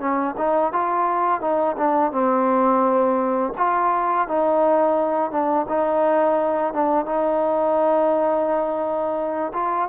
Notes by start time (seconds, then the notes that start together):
0.00 C#4
0.38 D#4
0.73 F4
1.41 D#4
1.78 D4
2.12 C4
3.58 F4
4.28 D#4
5.32 D4
5.69 D#4
6.74 D4
7.06 D#4
9.54 F4